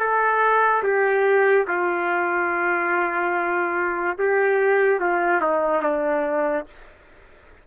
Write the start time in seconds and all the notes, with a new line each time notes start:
0.00 A4
0.84 G4
1.68 F4
4.19 G4
5.00 F4
5.42 D#4
5.83 D4